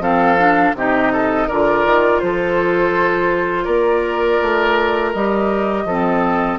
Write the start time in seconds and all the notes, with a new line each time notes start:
0.00 F3 C4 A4 F5
0.39 D4
0.74 C3 D#4 G4 D#5
1.13 A4
1.48 D3 F4 A#4 D5
1.86 D#3
2.20 F3 A4 C5
3.64 A#3 A#4 D5
4.42 A3
5.13 G3 G4 D#5
5.85 F3 C4 A4